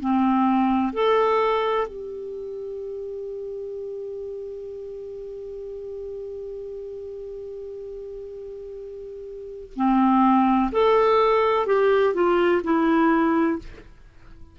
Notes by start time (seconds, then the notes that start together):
0.00 C4
0.93 A4
1.87 G4
9.75 C4
10.72 A4
11.66 G4
12.14 F4
12.64 E4